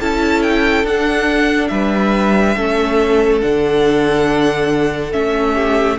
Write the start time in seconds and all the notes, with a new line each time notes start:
0.00 C#4 E4 A4 A5
0.43 G5
0.84 D4 F#5
1.68 G3 B4 E5
2.56 A3 C#4 A4
3.42 D3 D4 F#5
5.12 A3 C#4 E5
5.55 G4